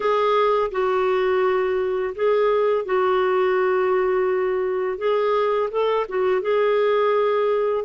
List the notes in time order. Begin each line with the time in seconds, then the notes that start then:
0.00 G#4
0.71 F#4
2.15 G#4
2.85 F#4
4.98 G#4
5.70 A4
6.08 F#4
6.41 G#4